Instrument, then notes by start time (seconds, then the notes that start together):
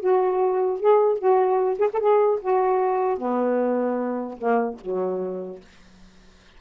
saxophone
0.00 F#4
0.80 G#4
1.18 F#4
1.79 G#4
1.93 A4
1.99 G#4
2.41 F#4
3.17 B3
4.38 A#3
4.80 F#3